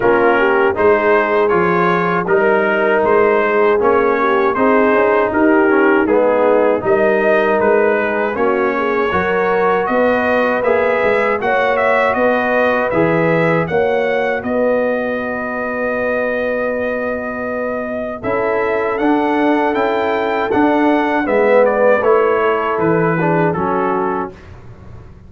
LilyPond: <<
  \new Staff \with { instrumentName = "trumpet" } { \time 4/4 \tempo 4 = 79 ais'4 c''4 cis''4 ais'4 | c''4 cis''4 c''4 ais'4 | gis'4 dis''4 b'4 cis''4~ | cis''4 dis''4 e''4 fis''8 e''8 |
dis''4 e''4 fis''4 dis''4~ | dis''1 | e''4 fis''4 g''4 fis''4 | e''8 d''8 cis''4 b'4 a'4 | }
  \new Staff \with { instrumentName = "horn" } { \time 4/4 f'8 g'8 gis'2 ais'4~ | ais'8 gis'4 g'8 gis'4 g'4 | dis'4 ais'4. gis'8 fis'8 gis'8 | ais'4 b'2 cis''4 |
b'2 cis''4 b'4~ | b'1 | a'1 | b'4. a'4 gis'8 fis'4 | }
  \new Staff \with { instrumentName = "trombone" } { \time 4/4 cis'4 dis'4 f'4 dis'4~ | dis'4 cis'4 dis'4. cis'8 | b4 dis'2 cis'4 | fis'2 gis'4 fis'4~ |
fis'4 gis'4 fis'2~ | fis'1 | e'4 d'4 e'4 d'4 | b4 e'4. d'8 cis'4 | }
  \new Staff \with { instrumentName = "tuba" } { \time 4/4 ais4 gis4 f4 g4 | gis4 ais4 c'8 cis'8 dis'4 | gis4 g4 gis4 ais4 | fis4 b4 ais8 gis8 ais4 |
b4 e4 ais4 b4~ | b1 | cis'4 d'4 cis'4 d'4 | gis4 a4 e4 fis4 | }
>>